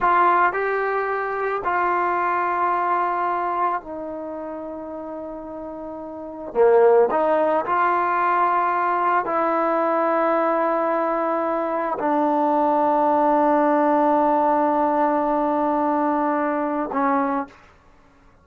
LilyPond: \new Staff \with { instrumentName = "trombone" } { \time 4/4 \tempo 4 = 110 f'4 g'2 f'4~ | f'2. dis'4~ | dis'1 | ais4 dis'4 f'2~ |
f'4 e'2.~ | e'2 d'2~ | d'1~ | d'2. cis'4 | }